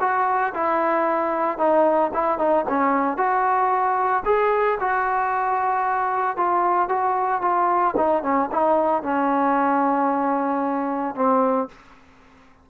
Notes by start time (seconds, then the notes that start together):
0.00 F#4
0.54 E4
1.58 D#4
2.14 E4
2.38 D#4
2.69 C#4
3.17 F#4
4.25 G#4
4.80 F#4
6.37 F4
6.89 F#4
7.41 F4
7.97 D#4
8.23 C#4
8.51 D#4
9.03 C#4
11.15 C4